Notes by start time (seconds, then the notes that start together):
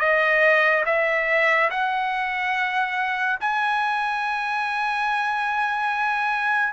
0.00 D#5
0.86 E5
1.71 F#5
3.41 G#5